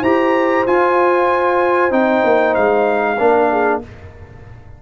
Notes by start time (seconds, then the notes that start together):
0.00 E4 G4 C5 A#5
0.66 F4 G#5
1.90 C4 D#4 G5
2.24 A#3
2.54 G#3 F5
3.19 A#3 D4 A#4
3.50 G#4